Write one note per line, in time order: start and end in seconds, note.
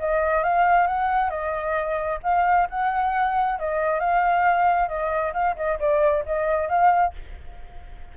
0.00 0.44 D#5
0.44 0.87 F5
0.87 1.30 F#5
1.30 2.20 D#5
2.23 2.68 F5
2.70 3.59 F#5
3.59 4.00 D#5
4.00 4.88 F5
4.88 5.33 D#5
5.34 5.56 F5
5.57 5.79 D#5
5.80 6.24 D5
6.26 6.69 D#5
6.69 7.14 F5